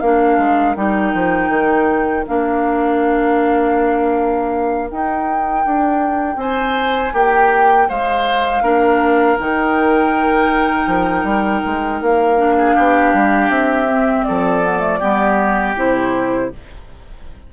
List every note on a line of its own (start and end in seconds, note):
0.00 0.38 A#3
0.00 0.76 D4
0.00 6.38 A#4
0.00 0.75 F5
0.38 0.75 G#3
0.75 1.13 G3
0.75 2.26 D#4
0.75 2.25 G5
1.14 1.49 F3
1.49 2.24 D#3
2.27 4.91 A#3
2.27 4.88 D4
2.27 4.90 F5
4.88 8.62 D#4
4.88 5.65 D#4
4.88 6.39 G5
5.65 6.36 D4
6.36 7.11 C4
6.36 7.13 C5
6.36 7.14 G#5
7.13 7.88 A#3
7.13 7.88 G4
7.13 7.89 G5
7.88 8.61 G#3
7.88 8.62 C5
7.88 9.39 F5
8.61 9.36 A#3
8.61 9.37 D4
8.61 12.56 A#4
9.39 10.86 D#3
9.39 12.37 D#4
9.39 12.02 G5
10.86 11.23 F3
11.23 11.60 G3
11.65 12.01 G#3
12.01 12.76 A#3
12.01 13.50 F5
12.37 13.87 D4
12.57 12.75 G#4
12.75 13.13 B3
12.75 14.25 G4
13.13 13.49 G3
13.49 14.24 C4
13.49 14.23 E5
13.88 14.63 C4
14.23 15.02 F3
14.23 14.99 A4
14.23 15.73 D5
14.63 14.79 B3
14.79 14.98 A3
14.99 15.75 G3
14.99 15.76 B3
14.99 16.49 G4
15.75 16.50 C3
15.75 16.51 E4
15.75 16.53 C5